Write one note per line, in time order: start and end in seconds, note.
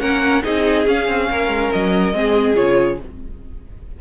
0.00 0.44 A#3
0.00 0.43 C#4
0.00 0.44 A#4
0.00 0.43 F#5
0.43 0.87 C4
0.43 0.85 D#4
0.43 1.30 G#4
0.43 0.88 D#5
0.87 1.08 C#4
0.87 2.14 C#4
0.87 1.73 F5
1.08 1.29 C4
1.31 1.48 A#3
1.31 2.16 A#4
1.48 1.70 G#3
1.73 2.13 F#3
1.73 2.56 D#5
2.13 2.56 G#3
2.13 2.56 C4
2.13 3.01 G#4
2.56 3.00 C#3
2.56 2.98 F4
2.56 2.99 C#5